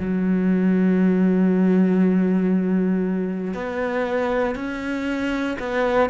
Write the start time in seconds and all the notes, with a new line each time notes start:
0.00 F#3
3.55 B3
4.56 C#4
5.60 B3